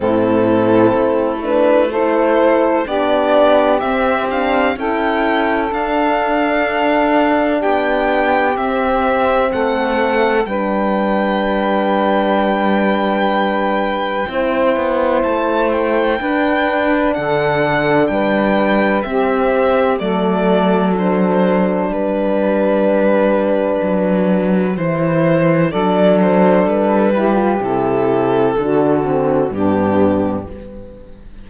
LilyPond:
<<
  \new Staff \with { instrumentName = "violin" } { \time 4/4 \tempo 4 = 63 a'4. b'8 c''4 d''4 | e''8 f''8 g''4 f''2 | g''4 e''4 fis''4 g''4~ | g''1 |
a''8 g''4. fis''4 g''4 | e''4 d''4 c''4 b'4~ | b'2 c''4 d''8 c''8 | b'4 a'2 g'4 | }
  \new Staff \with { instrumentName = "saxophone" } { \time 4/4 e'2 a'4 g'4~ | g'4 a'2. | g'2 a'4 b'4~ | b'2. c''4~ |
c''4 b'4 a'4 b'4 | g'4 a'2 g'4~ | g'2. a'4~ | a'8 g'4. fis'4 d'4 | }
  \new Staff \with { instrumentName = "horn" } { \time 4/4 c'4. d'8 e'4 d'4 | c'8 d'8 e'4 d'2~ | d'4 c'2 d'4~ | d'2. e'4~ |
e'4 d'2. | c'4 a4 d'2~ | d'2 e'4 d'4~ | d'8 e'16 f'16 e'4 d'8 c'8 b4 | }
  \new Staff \with { instrumentName = "cello" } { \time 4/4 a,4 a2 b4 | c'4 cis'4 d'2 | b4 c'4 a4 g4~ | g2. c'8 b8 |
a4 d'4 d4 g4 | c'4 fis2 g4~ | g4 fis4 e4 fis4 | g4 c4 d4 g,4 | }
>>